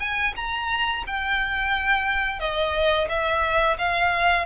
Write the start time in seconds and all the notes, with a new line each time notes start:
0.00 G#5
0.36 A#5
1.07 G5
2.40 D#5
3.09 E5
3.78 F5